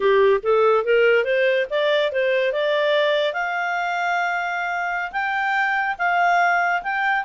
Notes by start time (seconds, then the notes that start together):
0.00 G4
0.43 A4
0.84 A#4
1.24 C5
1.70 D5
2.12 C5
2.52 D5
3.33 F5
5.12 G5
5.98 F5
6.82 G5